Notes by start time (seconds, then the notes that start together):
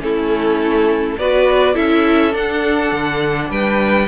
0.00 A3 C#4 E4 A4
1.18 B3 F#4 B4 D5
1.75 C#4 E4 A4 E5
2.32 D4 F#5
2.92 D3
3.50 G3 B4 G5